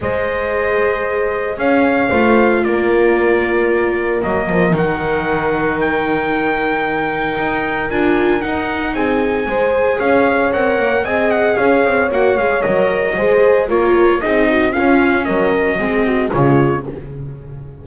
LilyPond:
<<
  \new Staff \with { instrumentName = "trumpet" } { \time 4/4 \tempo 4 = 114 dis''2. f''4~ | f''4 d''2. | dis''4 fis''2 g''4~ | g''2. gis''4 |
fis''4 gis''2 f''4 | fis''4 gis''8 fis''8 f''4 fis''8 f''8 | dis''2 cis''4 dis''4 | f''4 dis''2 cis''4 | }
  \new Staff \with { instrumentName = "horn" } { \time 4/4 c''2. cis''4 | c''4 ais'2.~ | ais'1~ | ais'1~ |
ais'4 gis'4 c''4 cis''4~ | cis''4 dis''4 cis''2~ | cis''4 c''4 ais'4 gis'8 fis'8 | f'4 ais'4 gis'8 fis'8 f'4 | }
  \new Staff \with { instrumentName = "viola" } { \time 4/4 gis'1 | f'1 | ais4 dis'2.~ | dis'2. f'4 |
dis'2 gis'2 | ais'4 gis'2 fis'8 gis'8 | ais'4 gis'4 f'4 dis'4 | cis'2 c'4 gis4 | }
  \new Staff \with { instrumentName = "double bass" } { \time 4/4 gis2. cis'4 | a4 ais2. | fis8 f8 dis2.~ | dis2 dis'4 d'4 |
dis'4 c'4 gis4 cis'4 | c'8 ais8 c'4 cis'8 c'8 ais8 gis8 | fis4 gis4 ais4 c'4 | cis'4 fis4 gis4 cis4 | }
>>